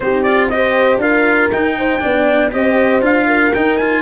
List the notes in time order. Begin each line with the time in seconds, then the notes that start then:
0.00 C4 D#4 G4 C5
0.22 F4 D5
0.49 G4 C5 D#5
0.97 D4 F4 A#4 F5
1.52 D#4 G5
1.78 C5
2.00 B3 D4 D5
2.51 C4 G4 C5 D#5
3.01 D4 F4 F5
3.26 A#4
3.54 D#4 G5
3.77 F4 G#5